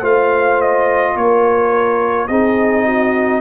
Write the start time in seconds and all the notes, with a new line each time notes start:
0.00 A3 F4 C5 F5
0.61 D#5
1.15 A#3 A#4 C#5
2.27 C4 D#4 G#4 D#5
2.85 F#4